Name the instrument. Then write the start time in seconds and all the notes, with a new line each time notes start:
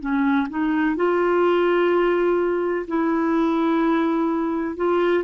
clarinet
0.00 C#4
0.50 D#4
0.96 F4
2.87 E4
4.77 F4